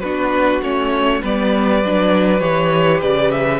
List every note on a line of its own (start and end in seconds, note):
0.00 0.62 B3
0.00 0.63 D4
0.00 1.21 F#4
0.00 0.60 B4
0.62 1.22 A3
0.62 1.23 C#4
0.62 1.23 C#5
1.21 1.83 G3
1.21 1.83 B3
1.21 3.60 B4
1.21 2.40 D5
1.83 2.41 F#3
1.83 2.39 D4
2.39 3.01 E3
2.39 3.59 G4
2.39 3.00 C#5
3.02 3.60 C#3
3.02 3.31 D5
3.31 3.60 E5